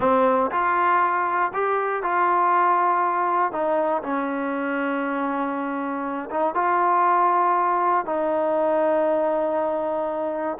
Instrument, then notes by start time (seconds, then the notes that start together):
trombone
0.00 C4
0.51 F4
1.53 G4
2.02 F4
3.52 D#4
4.02 C#4
6.30 D#4
6.54 F4
8.05 D#4